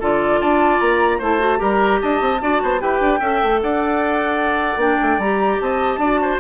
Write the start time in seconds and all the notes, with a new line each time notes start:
0.00 D3 F4 A4 D5
0.40 D4 D5 A5
0.80 A#3 A#5
1.18 A3 E4 C5 A5
1.39 F#4
1.58 G3 G4 A#4 A#5
2.01 D4 D#5 A5
2.21 C4
2.41 D4 F#4 D5
2.62 B3 C5
2.79 E4 G4 B4 G5
3.00 D4
3.20 C#4 A4 E5
3.42 A3
3.61 D4 D5 F#5
4.76 A#3 D4 G5
5.02 A3
5.18 G3 G4 A#5
5.60 C4 D#5 A5
5.97 D4 F#4 D5
6.22 C5